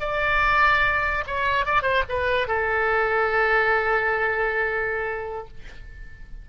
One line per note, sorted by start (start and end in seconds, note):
0.00 1.24 D5
1.27 1.66 C#5
1.66 1.82 D5
1.82 2.03 C5
2.09 2.48 B4
2.48 5.48 A4